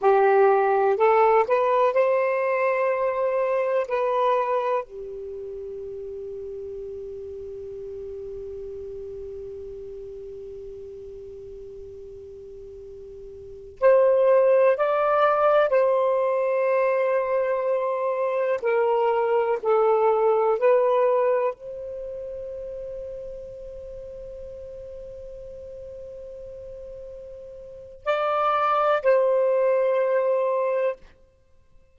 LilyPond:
\new Staff \with { instrumentName = "saxophone" } { \time 4/4 \tempo 4 = 62 g'4 a'8 b'8 c''2 | b'4 g'2.~ | g'1~ | g'2~ g'16 c''4 d''8.~ |
d''16 c''2. ais'8.~ | ais'16 a'4 b'4 c''4.~ c''16~ | c''1~ | c''4 d''4 c''2 | }